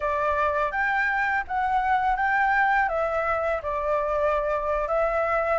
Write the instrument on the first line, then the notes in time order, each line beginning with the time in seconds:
flute
0.00 D5
0.71 G5
1.47 F#5
2.16 G5
2.88 E5
3.62 D5
4.88 E5